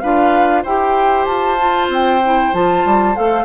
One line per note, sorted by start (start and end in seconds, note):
0.00 0.65 D4
0.00 0.66 F4
0.00 0.63 B4
0.00 0.62 F5
0.63 1.27 E4
0.63 1.58 G4
0.63 3.44 C5
0.63 1.25 G5
1.25 1.89 F4
1.25 1.88 A5
1.58 2.21 F4
1.89 2.51 C4
1.89 2.54 G5
2.25 2.54 E4
2.54 2.85 F3
2.54 3.15 F4
2.54 3.16 A5
2.85 3.16 G3
3.15 3.45 A3
3.15 3.45 A4
3.15 3.45 F5